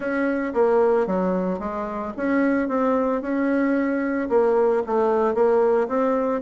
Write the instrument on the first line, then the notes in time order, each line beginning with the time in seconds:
bassoon
0.00 C#4
0.53 A#3
1.06 F#3
1.59 G#3
2.16 C#4
2.68 C4
3.21 C#4
4.29 A#3
4.86 A3
5.34 A#3
5.88 C4